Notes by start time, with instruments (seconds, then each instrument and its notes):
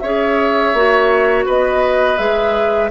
0.00 bassoon C#4, clarinet G#4, oboe C#5, flute E5
0.74 bassoon A#3, clarinet F#4
1.46 bassoon B3, oboe B4, flute D#5
2.18 bassoon G#3, clarinet G#4, flute E5